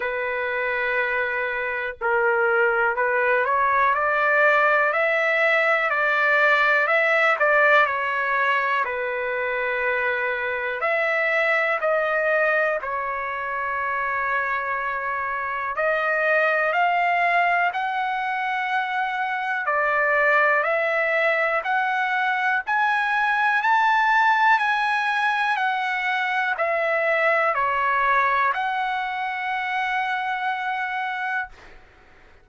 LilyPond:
\new Staff \with { instrumentName = "trumpet" } { \time 4/4 \tempo 4 = 61 b'2 ais'4 b'8 cis''8 | d''4 e''4 d''4 e''8 d''8 | cis''4 b'2 e''4 | dis''4 cis''2. |
dis''4 f''4 fis''2 | d''4 e''4 fis''4 gis''4 | a''4 gis''4 fis''4 e''4 | cis''4 fis''2. | }